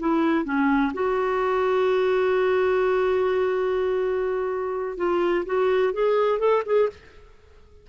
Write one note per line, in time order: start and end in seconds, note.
0.00 0.45 E4
0.45 0.93 C#4
0.94 4.98 F#4
4.98 5.45 F4
5.46 5.94 F#4
5.94 6.39 G#4
6.39 6.63 A4
6.66 6.90 G#4